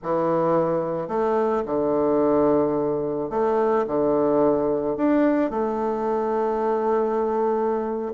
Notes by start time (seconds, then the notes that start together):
0.02 E3
1.08 A3
1.66 D3
3.30 A3
3.87 D3
4.97 D4
5.50 A3